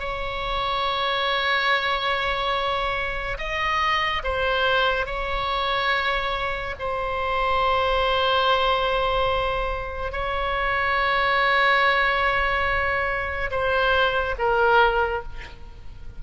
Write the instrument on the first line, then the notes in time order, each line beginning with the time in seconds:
oboe
0.00 C#5
3.38 D#5
4.24 C5
5.07 C#5
6.80 C5
10.13 C#5
13.51 C5
14.39 A#4